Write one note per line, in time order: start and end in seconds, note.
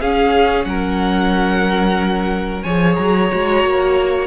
0.00 0.66 C#4
0.00 2.66 C#4
0.00 0.66 G#4
0.00 0.65 F5
0.65 2.63 F#3
0.65 2.63 A#4
0.65 2.62 F#5
2.62 2.98 F3
2.62 3.31 G#4
2.62 4.27 C#5
2.62 2.95 G#5
2.95 3.31 F#3
2.95 4.27 A#5
3.31 3.64 G#3
3.31 4.27 F#4
3.64 4.27 A#3